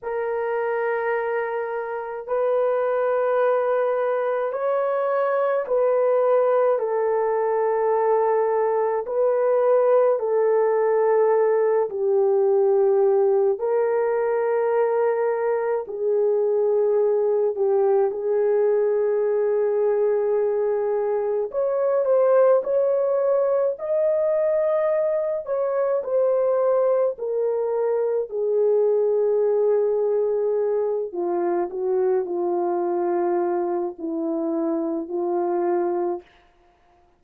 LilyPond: \new Staff \with { instrumentName = "horn" } { \time 4/4 \tempo 4 = 53 ais'2 b'2 | cis''4 b'4 a'2 | b'4 a'4. g'4. | ais'2 gis'4. g'8 |
gis'2. cis''8 c''8 | cis''4 dis''4. cis''8 c''4 | ais'4 gis'2~ gis'8 f'8 | fis'8 f'4. e'4 f'4 | }